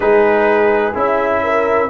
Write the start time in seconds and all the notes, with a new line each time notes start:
0.00 G#3 D#4 G#4 B4
0.93 C#4 E4 E5
1.43 A#4